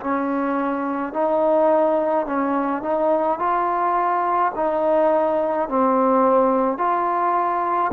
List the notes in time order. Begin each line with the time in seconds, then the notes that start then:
0.00 C#4
1.13 D#4
2.26 C#4
2.83 D#4
3.39 F4
4.55 D#4
5.69 C4
6.78 F4